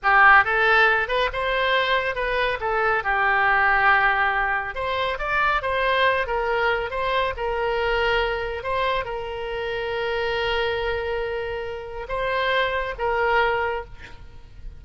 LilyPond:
\new Staff \with { instrumentName = "oboe" } { \time 4/4 \tempo 4 = 139 g'4 a'4. b'8 c''4~ | c''4 b'4 a'4 g'4~ | g'2. c''4 | d''4 c''4. ais'4. |
c''4 ais'2. | c''4 ais'2.~ | ais'1 | c''2 ais'2 | }